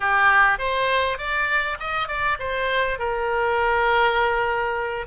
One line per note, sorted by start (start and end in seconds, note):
0.00 0.58 G4
0.58 1.17 C5
1.18 1.77 D5
1.79 2.07 D#5
2.07 2.37 D5
2.39 2.98 C5
2.98 5.06 A#4